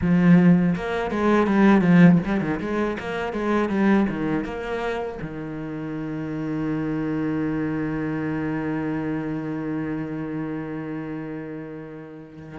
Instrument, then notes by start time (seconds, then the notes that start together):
cello
0.01 F3
0.75 A#3
1.10 G#3
1.46 G3
1.81 F3
2.25 G3
2.41 D#3
2.60 G#3
2.99 A#3
3.33 G#3
3.69 G3
4.09 D#3
4.44 A#3
5.21 D#3